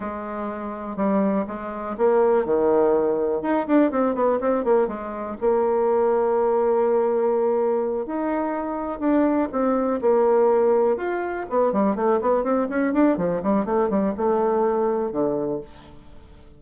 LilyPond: \new Staff \with { instrumentName = "bassoon" } { \time 4/4 \tempo 4 = 123 gis2 g4 gis4 | ais4 dis2 dis'8 d'8 | c'8 b8 c'8 ais8 gis4 ais4~ | ais1~ |
ais8 dis'2 d'4 c'8~ | c'8 ais2 f'4 b8 | g8 a8 b8 c'8 cis'8 d'8 f8 g8 | a8 g8 a2 d4 | }